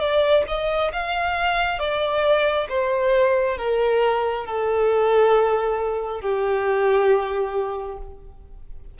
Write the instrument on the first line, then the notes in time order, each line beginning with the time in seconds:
violin
0.00 D5
0.48 D#5
0.93 F5
1.79 D5
2.70 C5
3.58 A#4
4.46 A4
6.22 G4